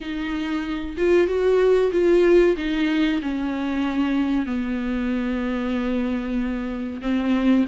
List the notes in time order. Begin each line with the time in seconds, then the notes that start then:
0.00 D#4
0.97 F4
1.27 F#4
1.91 F4
2.56 D#4
3.22 C#4
4.46 B3
7.01 C4